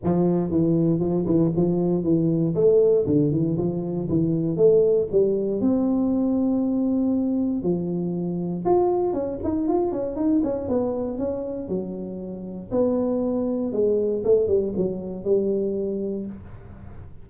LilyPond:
\new Staff \with { instrumentName = "tuba" } { \time 4/4 \tempo 4 = 118 f4 e4 f8 e8 f4 | e4 a4 d8 e8 f4 | e4 a4 g4 c'4~ | c'2. f4~ |
f4 f'4 cis'8 dis'8 f'8 cis'8 | dis'8 cis'8 b4 cis'4 fis4~ | fis4 b2 gis4 | a8 g8 fis4 g2 | }